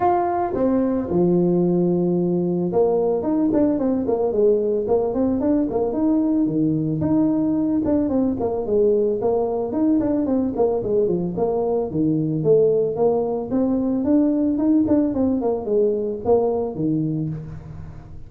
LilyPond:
\new Staff \with { instrumentName = "tuba" } { \time 4/4 \tempo 4 = 111 f'4 c'4 f2~ | f4 ais4 dis'8 d'8 c'8 ais8 | gis4 ais8 c'8 d'8 ais8 dis'4 | dis4 dis'4. d'8 c'8 ais8 |
gis4 ais4 dis'8 d'8 c'8 ais8 | gis8 f8 ais4 dis4 a4 | ais4 c'4 d'4 dis'8 d'8 | c'8 ais8 gis4 ais4 dis4 | }